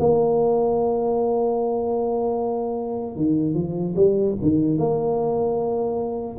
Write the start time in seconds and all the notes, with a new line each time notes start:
0.00 A#3
3.16 D#3
3.55 F3
3.96 G3
4.42 D#3
4.78 A#3